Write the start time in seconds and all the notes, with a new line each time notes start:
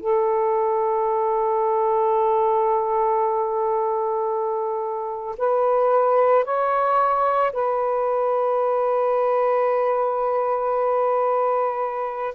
0.00 A4
5.38 B4
6.45 C#5
7.52 B4